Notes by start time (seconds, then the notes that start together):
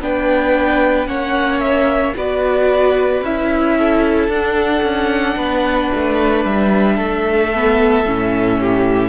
0.00 B3 D4 B4 G5
1.06 A#3 C#4 C#5 F#5
1.60 E5
2.16 B3 F#4 B4 D5
3.21 C#4 E4 E5
3.77 A4
4.28 D4 F#5
4.82 C#4
5.36 B3 B4
5.94 A3
6.44 G3 E5
6.95 A3 A4
7.54 B3
8.05 A2 C#4
8.60 G4